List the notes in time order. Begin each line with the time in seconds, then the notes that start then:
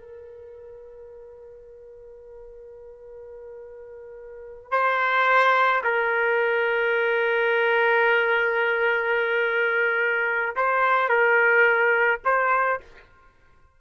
0.00 A#4
4.71 C5
5.84 A#4
10.56 C5
11.09 A#4
12.25 C5